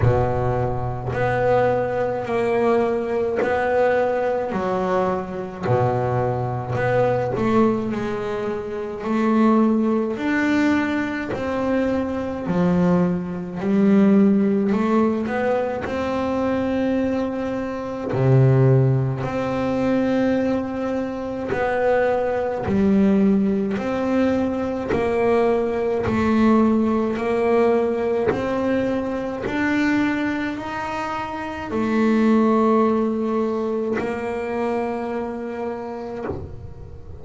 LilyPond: \new Staff \with { instrumentName = "double bass" } { \time 4/4 \tempo 4 = 53 b,4 b4 ais4 b4 | fis4 b,4 b8 a8 gis4 | a4 d'4 c'4 f4 | g4 a8 b8 c'2 |
c4 c'2 b4 | g4 c'4 ais4 a4 | ais4 c'4 d'4 dis'4 | a2 ais2 | }